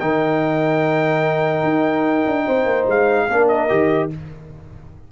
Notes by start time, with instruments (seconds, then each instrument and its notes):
0.00 tuba D#3, trombone D#4, horn A#4, trumpet G5
1.64 tuba D#4
2.27 tuba D4
2.47 tuba C4, horn C5
2.65 tuba A#3
2.87 tuba G#3, trumpet F5
3.28 tuba A#3, trombone D4, horn A#4
3.48 trumpet D#5
3.69 tuba D#3, trombone G4